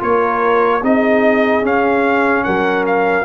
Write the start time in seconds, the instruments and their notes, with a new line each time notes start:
0.00 tuba A#3, trombone F4, horn A#4, trumpet C#5
0.83 tuba C4, trombone D#4, horn G#4, trumpet D#5
1.62 tuba C#4, trombone C#4, trumpet F5
2.44 tuba F#3, horn A#4, trumpet F#5
2.87 trumpet F5